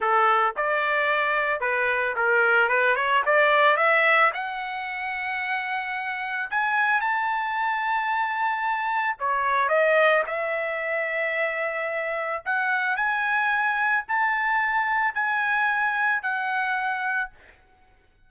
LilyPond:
\new Staff \with { instrumentName = "trumpet" } { \time 4/4 \tempo 4 = 111 a'4 d''2 b'4 | ais'4 b'8 cis''8 d''4 e''4 | fis''1 | gis''4 a''2.~ |
a''4 cis''4 dis''4 e''4~ | e''2. fis''4 | gis''2 a''2 | gis''2 fis''2 | }